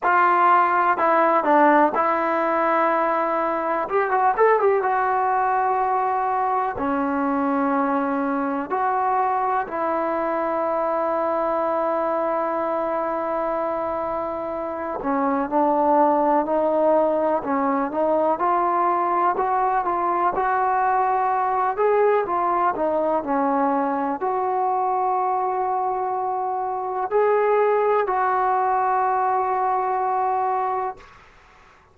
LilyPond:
\new Staff \with { instrumentName = "trombone" } { \time 4/4 \tempo 4 = 62 f'4 e'8 d'8 e'2 | g'16 fis'16 a'16 g'16 fis'2 cis'4~ | cis'4 fis'4 e'2~ | e'2.~ e'8 cis'8 |
d'4 dis'4 cis'8 dis'8 f'4 | fis'8 f'8 fis'4. gis'8 f'8 dis'8 | cis'4 fis'2. | gis'4 fis'2. | }